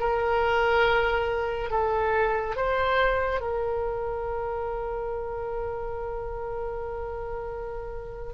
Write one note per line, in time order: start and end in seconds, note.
0.00 1.71 A#4
1.71 2.56 A4
2.57 3.41 C5
3.41 8.34 A#4